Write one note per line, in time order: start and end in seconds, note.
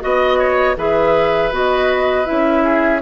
0.00 0.76 B3
0.00 0.75 F#4
0.00 0.76 D#5
0.00 0.39 D#5
0.39 0.76 C#5
0.76 1.51 E3
0.76 1.51 G#4
0.76 2.64 B4
0.76 1.53 E5
1.51 2.26 B3
1.51 2.24 F#4
1.51 2.25 D#5
2.24 3.01 C#4
2.24 2.99 E4
2.24 3.00 E5
2.64 3.01 G#4